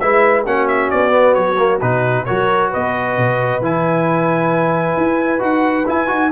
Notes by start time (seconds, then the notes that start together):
0.00 G#3 E4 B4 E5
0.44 A#3 C#4 F#4 F#5
0.68 E5
0.90 B3 D5
1.11 B3
1.35 F#3 C#5
1.58 A#3
1.81 B2 D#4 B4
2.25 F#3 F#4 A#4 C#5
2.71 B3 B4 D#5
3.18 B2
3.61 E3 E4 G#5
4.97 E4
5.39 D#4 F#4 F#5
5.87 E4 G#5
6.08 D#4 F#4